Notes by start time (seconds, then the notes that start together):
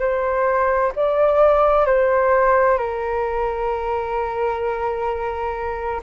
0.00 C5
0.96 D5
1.86 C5
2.78 A#4